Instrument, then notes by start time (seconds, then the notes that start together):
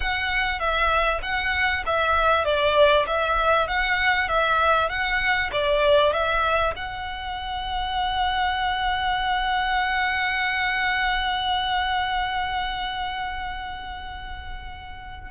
violin
0.00 F#5
0.59 E5
1.22 F#5
1.85 E5
2.44 D5
3.06 E5
3.67 F#5
4.28 E5
4.89 F#5
5.52 D5
6.12 E5
6.76 F#5